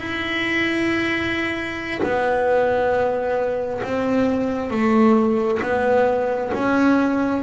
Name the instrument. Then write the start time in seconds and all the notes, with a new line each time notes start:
double bass
0.00 E4
2.03 B3
3.84 C4
4.71 A3
5.63 B3
6.54 C#4